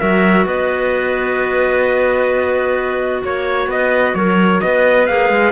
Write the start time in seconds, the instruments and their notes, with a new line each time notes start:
0.00 cello F#3, clarinet F#4 A#4, trumpet E5
0.46 cello B3, clarinet B4, trumpet D#5
3.24 cello A#3, trumpet C#5, clarinet C#5
3.68 cello B3, clarinet B4, trumpet D#5
4.15 cello F#3, clarinet A#4, trumpet C#5
4.61 cello B3, clarinet B4, trumpet D#5
5.07 cello A#3, clarinet G#4, trumpet F5
5.30 cello G#3